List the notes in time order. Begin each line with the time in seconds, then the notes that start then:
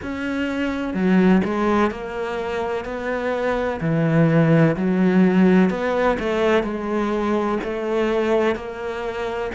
0.02 C#4
0.94 F#3
1.44 G#3
1.90 A#3
2.84 B3
3.81 E3
4.76 F#3
5.70 B3
6.19 A3
6.63 G#3
7.63 A3
8.55 A#3